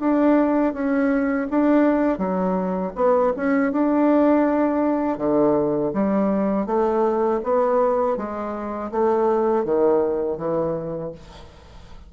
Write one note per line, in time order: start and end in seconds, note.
0.00 0.73 D4
0.73 1.47 C#4
1.51 2.18 D4
2.18 2.92 F#3
2.95 3.32 B3
3.37 3.72 C#4
3.72 5.18 D4
5.18 5.92 D3
5.94 6.66 G3
6.66 7.40 A3
7.43 8.17 B3
8.17 8.91 G#3
8.91 9.65 A3
9.65 10.38 D#3
10.38 11.12 E3